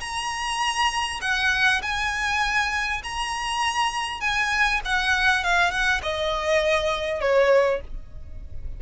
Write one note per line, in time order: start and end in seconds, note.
0.00 1.20 A#5
1.21 1.81 F#5
1.82 3.02 G#5
3.03 4.21 A#5
4.21 4.81 G#5
4.85 5.43 F#5
5.43 5.71 F5
5.71 6.01 F#5
6.02 7.20 D#5
7.20 7.80 C#5